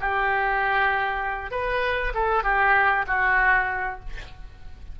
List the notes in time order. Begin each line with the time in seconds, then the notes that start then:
0.00 G4
1.51 B4
2.14 A4
2.43 G4
3.07 F#4